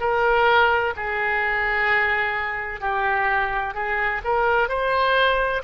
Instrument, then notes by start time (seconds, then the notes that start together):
oboe
0.00 A#4
0.96 G#4
2.80 G4
3.74 G#4
4.24 A#4
4.68 C5